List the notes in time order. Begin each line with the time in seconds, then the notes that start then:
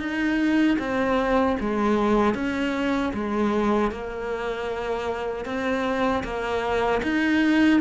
0.00 D#4
0.79 C4
1.60 G#3
2.35 C#4
3.14 G#3
3.92 A#3
5.45 C4
6.24 A#3
7.03 D#4